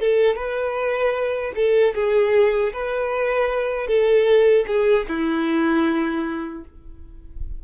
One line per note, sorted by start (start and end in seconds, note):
0.00 0.36 A4
0.36 1.53 B4
1.55 1.94 A4
1.95 2.73 G#4
2.73 3.88 B4
3.88 4.66 A4
4.67 5.06 G#4
5.08 6.64 E4